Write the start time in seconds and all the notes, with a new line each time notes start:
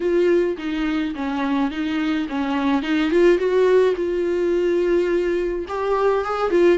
0.00 F4
0.57 D#4
1.15 C#4
1.70 D#4
2.28 C#4
2.82 D#4
3.11 F4
3.38 F#4
3.95 F4
5.68 G4
6.24 G#4
6.50 F4